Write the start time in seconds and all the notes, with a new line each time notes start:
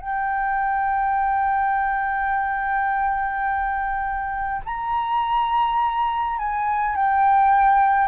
0.00 G5
4.65 A#5
6.38 G#5
6.95 G5